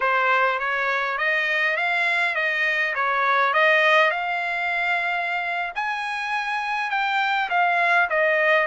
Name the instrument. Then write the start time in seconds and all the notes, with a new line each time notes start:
trumpet
0.00 C5
0.59 C#5
1.18 D#5
1.76 F5
2.35 D#5
2.94 C#5
3.53 D#5
4.10 F5
5.75 G#5
6.90 G5
7.49 F5
8.09 D#5